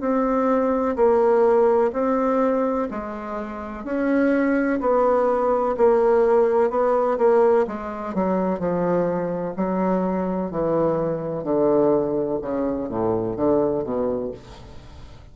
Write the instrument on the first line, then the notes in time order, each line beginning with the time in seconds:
bassoon
0.00 C4
0.96 A#3
1.92 C4
2.90 G#3
3.84 C#4
4.80 B3
5.77 A#3
6.70 B3
7.17 A#3
7.67 G#3
8.14 F#3
8.59 F3
9.56 F#3
10.51 E3
11.43 D3
12.41 C#3
12.88 A2
13.36 D3
13.83 B2